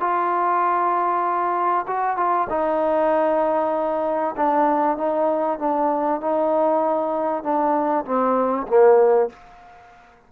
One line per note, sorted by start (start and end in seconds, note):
0.00 1.86 F4
1.88 2.17 F#4
2.17 2.48 F4
2.49 4.35 D#4
4.36 4.97 D4
4.97 5.59 D#4
5.59 6.21 D4
6.21 7.43 D#4
7.43 8.05 D4
8.05 8.67 C4
8.68 9.30 A#3